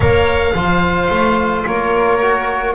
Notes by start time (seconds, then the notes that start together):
0.00 A#3 A#4 C#5 F5
0.54 F3 F4 C5
1.09 A3
1.65 A#3 A#4 C#5
2.21 F#4